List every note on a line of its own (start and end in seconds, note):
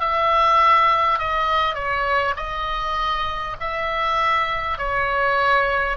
0.00 1.19 E5
1.19 1.75 D#5
1.75 2.35 C#5
2.36 3.56 D#5
3.60 4.78 E5
4.78 5.97 C#5